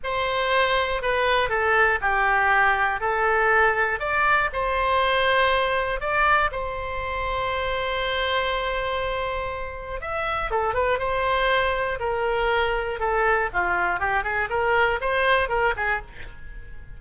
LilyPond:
\new Staff \with { instrumentName = "oboe" } { \time 4/4 \tempo 4 = 120 c''2 b'4 a'4 | g'2 a'2 | d''4 c''2. | d''4 c''2.~ |
c''1 | e''4 a'8 b'8 c''2 | ais'2 a'4 f'4 | g'8 gis'8 ais'4 c''4 ais'8 gis'8 | }